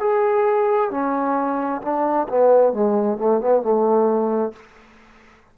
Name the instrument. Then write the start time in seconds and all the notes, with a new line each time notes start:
trombone
0.00 G#4
0.91 C#4
1.82 D4
2.29 B3
2.73 G#3
3.18 A3
3.40 B3
3.62 A3